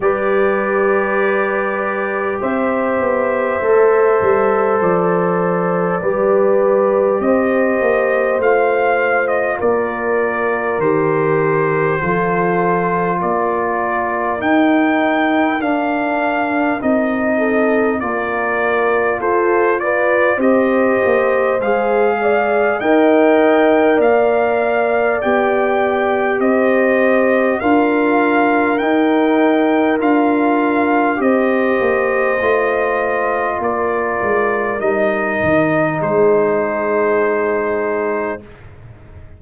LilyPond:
<<
  \new Staff \with { instrumentName = "trumpet" } { \time 4/4 \tempo 4 = 50 d''2 e''2 | d''2 dis''4 f''8. dis''16 | d''4 c''2 d''4 | g''4 f''4 dis''4 d''4 |
c''8 d''8 dis''4 f''4 g''4 | f''4 g''4 dis''4 f''4 | g''4 f''4 dis''2 | d''4 dis''4 c''2 | }
  \new Staff \with { instrumentName = "horn" } { \time 4/4 b'2 c''2~ | c''4 b'4 c''2 | ais'2 a'4 ais'4~ | ais'2~ ais'8 a'8 ais'4 |
a'8 b'8 c''4. d''8 dis''4 | d''2 c''4 ais'4~ | ais'2 c''2 | ais'2 gis'2 | }
  \new Staff \with { instrumentName = "trombone" } { \time 4/4 g'2. a'4~ | a'4 g'2 f'4~ | f'4 g'4 f'2 | dis'4 d'4 dis'4 f'4~ |
f'4 g'4 gis'4 ais'4~ | ais'4 g'2 f'4 | dis'4 f'4 g'4 f'4~ | f'4 dis'2. | }
  \new Staff \with { instrumentName = "tuba" } { \time 4/4 g2 c'8 b8 a8 g8 | f4 g4 c'8 ais8 a4 | ais4 dis4 f4 ais4 | dis'4 d'4 c'4 ais4 |
f'4 c'8 ais8 gis4 dis'4 | ais4 b4 c'4 d'4 | dis'4 d'4 c'8 ais8 a4 | ais8 gis8 g8 dis8 gis2 | }
>>